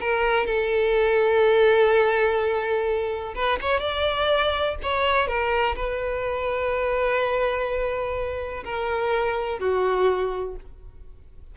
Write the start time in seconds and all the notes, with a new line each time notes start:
0.00 A#4
0.46 A4
3.35 B4
3.61 C#5
3.80 D5
4.83 C#5
5.27 A#4
5.76 B4
8.64 A#4
9.59 F#4